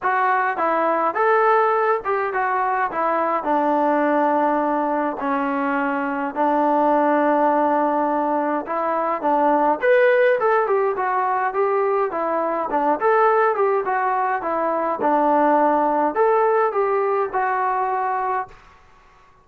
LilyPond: \new Staff \with { instrumentName = "trombone" } { \time 4/4 \tempo 4 = 104 fis'4 e'4 a'4. g'8 | fis'4 e'4 d'2~ | d'4 cis'2 d'4~ | d'2. e'4 |
d'4 b'4 a'8 g'8 fis'4 | g'4 e'4 d'8 a'4 g'8 | fis'4 e'4 d'2 | a'4 g'4 fis'2 | }